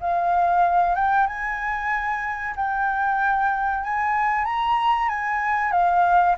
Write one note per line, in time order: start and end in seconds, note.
0.00 0.95 F5
0.95 1.27 G5
1.27 2.54 G#5
2.56 3.83 G5
3.83 4.45 G#5
4.45 5.09 A#5
5.09 5.71 G#5
5.71 6.35 F5